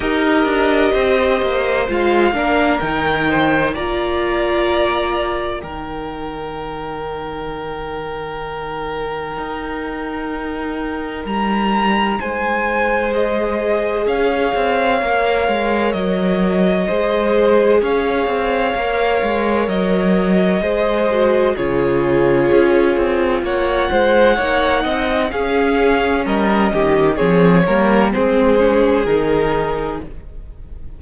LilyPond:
<<
  \new Staff \with { instrumentName = "violin" } { \time 4/4 \tempo 4 = 64 dis''2 f''4 g''4 | ais''2 g''2~ | g''1 | ais''4 gis''4 dis''4 f''4~ |
f''4 dis''2 f''4~ | f''4 dis''2 cis''4~ | cis''4 fis''2 f''4 | dis''4 cis''4 c''4 ais'4 | }
  \new Staff \with { instrumentName = "violin" } { \time 4/4 ais'4 c''4. ais'4 c''8 | d''2 ais'2~ | ais'1~ | ais'4 c''2 cis''4~ |
cis''2 c''4 cis''4~ | cis''2 c''4 gis'4~ | gis'4 cis''8 c''8 cis''8 dis''8 gis'4 | ais'8 g'8 gis'8 ais'8 gis'2 | }
  \new Staff \with { instrumentName = "viola" } { \time 4/4 g'2 f'8 d'8 dis'4 | f'2 dis'2~ | dis'1~ | dis'2 gis'2 |
ais'2 gis'2 | ais'2 gis'8 fis'8 f'4~ | f'2 dis'4 cis'4~ | cis'4 c'8 ais8 c'8 cis'8 dis'4 | }
  \new Staff \with { instrumentName = "cello" } { \time 4/4 dis'8 d'8 c'8 ais8 gis8 ais8 dis4 | ais2 dis2~ | dis2 dis'2 | g4 gis2 cis'8 c'8 |
ais8 gis8 fis4 gis4 cis'8 c'8 | ais8 gis8 fis4 gis4 cis4 | cis'8 c'8 ais8 gis8 ais8 c'8 cis'4 | g8 dis8 f8 g8 gis4 dis4 | }
>>